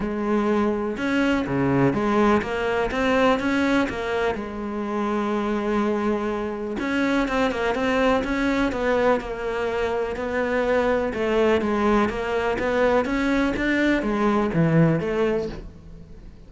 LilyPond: \new Staff \with { instrumentName = "cello" } { \time 4/4 \tempo 4 = 124 gis2 cis'4 cis4 | gis4 ais4 c'4 cis'4 | ais4 gis2.~ | gis2 cis'4 c'8 ais8 |
c'4 cis'4 b4 ais4~ | ais4 b2 a4 | gis4 ais4 b4 cis'4 | d'4 gis4 e4 a4 | }